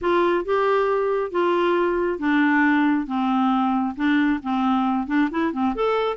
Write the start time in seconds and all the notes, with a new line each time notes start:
0.01 F4
0.44 G4
1.31 F4
2.19 D4
3.07 C4
3.96 D4
4.42 C4
5.07 D4
5.30 E4
5.52 C4
5.75 A4